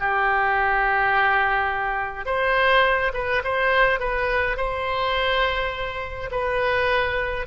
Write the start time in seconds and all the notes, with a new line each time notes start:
0.00 G4
2.26 C5
3.14 B4
3.44 C5
4.00 B4
4.57 C5
6.32 B4